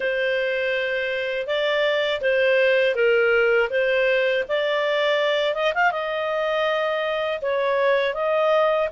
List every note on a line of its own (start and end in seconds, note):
0.00 1.46 C5
1.46 2.21 D5
2.21 2.95 C5
2.95 3.69 A#4
3.70 4.44 C5
4.48 5.54 D5
5.54 5.73 D#5
5.74 5.91 F5
5.91 7.39 D#5
7.41 8.14 C#5
8.14 8.88 D#5